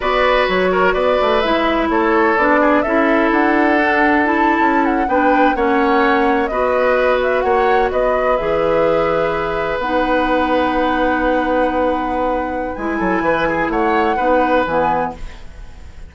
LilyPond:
<<
  \new Staff \with { instrumentName = "flute" } { \time 4/4 \tempo 4 = 127 d''4 cis''4 d''4 e''4 | cis''4 d''4 e''4 fis''4~ | fis''4 a''4~ a''16 fis''8 g''4 fis''16~ | fis''4.~ fis''16 dis''4. e''8 fis''16~ |
fis''8. dis''4 e''2~ e''16~ | e''8. fis''2.~ fis''16~ | fis''2. gis''4~ | gis''4 fis''2 gis''4 | }
  \new Staff \with { instrumentName = "oboe" } { \time 4/4 b'4. ais'8 b'2 | a'4. gis'8 a'2~ | a'2~ a'8. b'4 cis''16~ | cis''4.~ cis''16 b'2 cis''16~ |
cis''8. b'2.~ b'16~ | b'1~ | b'2.~ b'8 a'8 | b'8 gis'8 cis''4 b'2 | }
  \new Staff \with { instrumentName = "clarinet" } { \time 4/4 fis'2. e'4~ | e'4 d'4 e'2 | d'4 e'4.~ e'16 d'4 cis'16~ | cis'4.~ cis'16 fis'2~ fis'16~ |
fis'4.~ fis'16 gis'2~ gis'16~ | gis'8. dis'2.~ dis'16~ | dis'2. e'4~ | e'2 dis'4 b4 | }
  \new Staff \with { instrumentName = "bassoon" } { \time 4/4 b4 fis4 b8 a8 gis4 | a4 b4 cis'4 d'4~ | d'4.~ d'16 cis'4 b4 ais16~ | ais4.~ ais16 b2 ais16~ |
ais8. b4 e2~ e16~ | e8. b2.~ b16~ | b2. gis8 fis8 | e4 a4 b4 e4 | }
>>